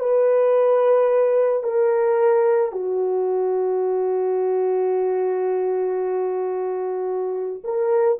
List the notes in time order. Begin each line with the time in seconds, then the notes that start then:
0.00 B4
1.63 A#4
2.72 F#4
7.64 A#4